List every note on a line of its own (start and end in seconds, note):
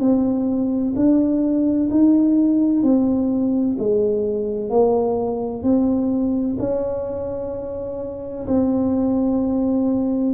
0.00 0.94 C4
0.96 1.90 D4
1.90 2.83 D#4
2.83 3.77 C4
3.79 4.70 G#3
4.70 5.63 A#3
5.63 6.57 C4
6.59 8.47 C#4
8.47 10.34 C4